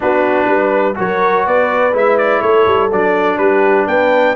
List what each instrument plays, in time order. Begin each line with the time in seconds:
0.00 tuba B3, trombone D4, horn F#4, trumpet B4
0.47 tuba G3, horn B4
0.95 tuba F#3, trombone F#4, horn A#4, trumpet C#5
1.45 tuba B3, horn B4, trumpet D5
1.92 tuba G#3, trombone E4, trumpet E5
2.17 trumpet D5
2.41 tuba A3, horn A4, trumpet C#5
2.67 tuba G3
2.91 tuba F#3, trombone D4, trumpet D5
3.37 tuba G3, horn G4, trumpet B4
3.87 tuba B3, horn B4, trumpet G5